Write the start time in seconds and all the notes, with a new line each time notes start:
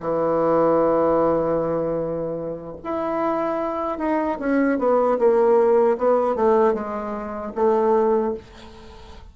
0.00 E3
2.84 E4
3.98 D#4
4.39 C#4
4.79 B3
5.19 A#3
5.98 B3
6.36 A3
6.74 G#3
7.55 A3